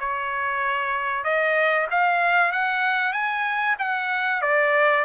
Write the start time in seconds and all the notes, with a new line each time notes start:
0.00 C#5
1.25 D#5
1.91 F5
2.53 F#5
3.13 G#5
3.79 F#5
4.42 D5